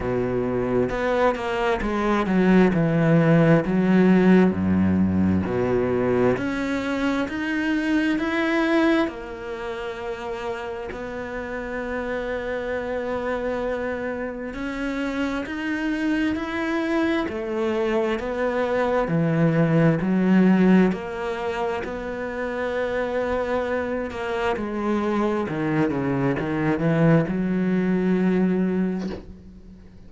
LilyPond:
\new Staff \with { instrumentName = "cello" } { \time 4/4 \tempo 4 = 66 b,4 b8 ais8 gis8 fis8 e4 | fis4 fis,4 b,4 cis'4 | dis'4 e'4 ais2 | b1 |
cis'4 dis'4 e'4 a4 | b4 e4 fis4 ais4 | b2~ b8 ais8 gis4 | dis8 cis8 dis8 e8 fis2 | }